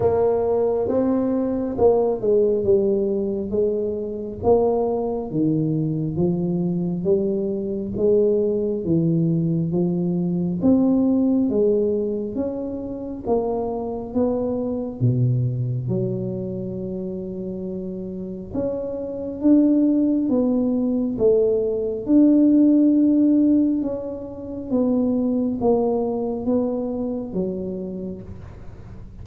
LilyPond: \new Staff \with { instrumentName = "tuba" } { \time 4/4 \tempo 4 = 68 ais4 c'4 ais8 gis8 g4 | gis4 ais4 dis4 f4 | g4 gis4 e4 f4 | c'4 gis4 cis'4 ais4 |
b4 b,4 fis2~ | fis4 cis'4 d'4 b4 | a4 d'2 cis'4 | b4 ais4 b4 fis4 | }